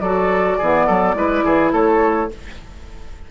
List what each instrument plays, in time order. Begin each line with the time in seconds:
0.00 bassoon F#3, clarinet F#4, oboe A4, flute D5
0.58 bassoon E3, clarinet B3, oboe G#4
0.86 bassoon F#3, oboe A4
1.14 bassoon G#3, clarinet E4, oboe B4
1.44 bassoon E3, oboe G#4
1.72 bassoon A3, oboe A4, flute C#5